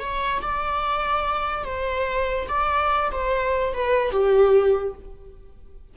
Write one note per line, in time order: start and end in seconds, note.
0.00 0.41 C#5
0.42 1.65 D5
1.65 2.48 C5
2.49 3.11 D5
3.12 3.74 C5
3.74 4.12 B4
4.12 4.94 G4